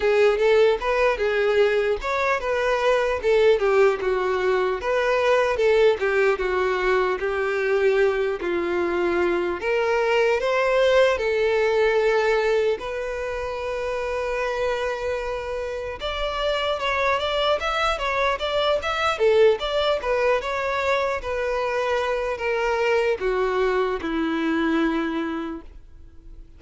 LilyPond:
\new Staff \with { instrumentName = "violin" } { \time 4/4 \tempo 4 = 75 gis'8 a'8 b'8 gis'4 cis''8 b'4 | a'8 g'8 fis'4 b'4 a'8 g'8 | fis'4 g'4. f'4. | ais'4 c''4 a'2 |
b'1 | d''4 cis''8 d''8 e''8 cis''8 d''8 e''8 | a'8 d''8 b'8 cis''4 b'4. | ais'4 fis'4 e'2 | }